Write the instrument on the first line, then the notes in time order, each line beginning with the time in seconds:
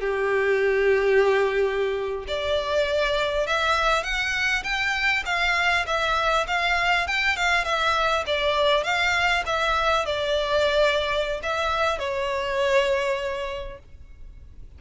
violin
0.00 G4
2.27 D5
3.46 E5
4.03 F#5
4.63 G5
5.25 F5
5.86 E5
6.47 F5
7.07 G5
7.36 F5
7.64 E5
8.26 D5
8.83 F5
9.46 E5
10.05 D5
11.42 E5
11.98 C#5